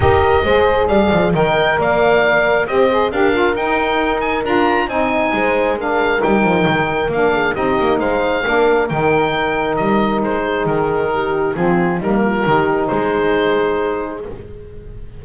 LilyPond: <<
  \new Staff \with { instrumentName = "oboe" } { \time 4/4 \tempo 4 = 135 dis''2 f''4 g''4 | f''2 dis''4 f''4 | g''4. gis''8 ais''4 gis''4~ | gis''4 f''4 g''2 |
f''4 dis''4 f''2 | g''2 dis''4 c''4 | ais'2 gis'4 ais'4~ | ais'4 c''2. | }
  \new Staff \with { instrumentName = "horn" } { \time 4/4 ais'4 c''4 d''4 dis''4 | d''2 c''4 ais'4~ | ais'2. dis''4 | c''4 ais'2.~ |
ais'8 gis'8 g'4 c''4 ais'4~ | ais'2.~ ais'8 gis'8~ | gis'4 g'4 f'4 dis'8 f'8 | g'4 gis'2. | }
  \new Staff \with { instrumentName = "saxophone" } { \time 4/4 g'4 gis'2 ais'4~ | ais'2 g'8 gis'8 g'8 f'8 | dis'2 f'4 dis'4~ | dis'4 d'4 dis'2 |
d'4 dis'2 d'4 | dis'1~ | dis'2 c'4 ais4 | dis'1 | }
  \new Staff \with { instrumentName = "double bass" } { \time 4/4 dis'4 gis4 g8 f8 dis4 | ais2 c'4 d'4 | dis'2 d'4 c'4 | gis2 g8 f8 dis4 |
ais4 c'8 ais8 gis4 ais4 | dis2 g4 gis4 | dis2 f4 g4 | dis4 gis2. | }
>>